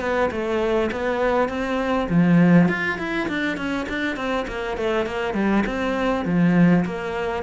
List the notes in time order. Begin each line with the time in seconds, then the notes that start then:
0.00 B3
0.31 A3
0.91 B3
1.49 C4
2.09 F3
2.68 F4
2.98 E4
3.28 D4
3.57 C#4
3.89 D4
4.16 C4
4.47 A#3
4.77 A3
5.06 A#3
5.34 G3
5.66 C4
6.25 F3
6.85 A#3